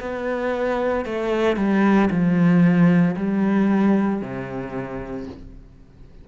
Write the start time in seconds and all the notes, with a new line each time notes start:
0.00 B3
1.05 A3
1.56 G3
2.11 F3
3.16 G3
4.22 C3